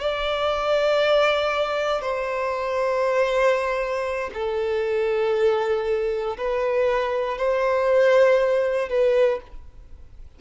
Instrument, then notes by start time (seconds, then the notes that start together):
violin
0.00 D5
2.02 C5
4.34 A4
6.37 B4
7.38 C5
8.89 B4